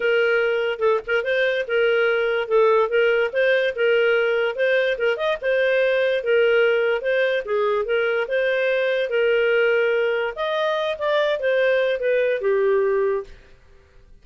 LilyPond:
\new Staff \with { instrumentName = "clarinet" } { \time 4/4 \tempo 4 = 145 ais'2 a'8 ais'8 c''4 | ais'2 a'4 ais'4 | c''4 ais'2 c''4 | ais'8 dis''8 c''2 ais'4~ |
ais'4 c''4 gis'4 ais'4 | c''2 ais'2~ | ais'4 dis''4. d''4 c''8~ | c''4 b'4 g'2 | }